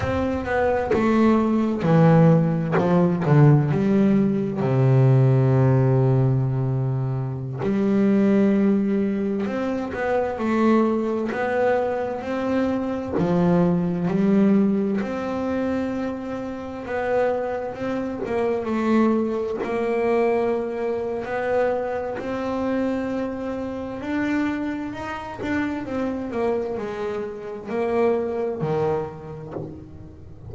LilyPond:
\new Staff \with { instrumentName = "double bass" } { \time 4/4 \tempo 4 = 65 c'8 b8 a4 e4 f8 d8 | g4 c2.~ | c16 g2 c'8 b8 a8.~ | a16 b4 c'4 f4 g8.~ |
g16 c'2 b4 c'8 ais16~ | ais16 a4 ais4.~ ais16 b4 | c'2 d'4 dis'8 d'8 | c'8 ais8 gis4 ais4 dis4 | }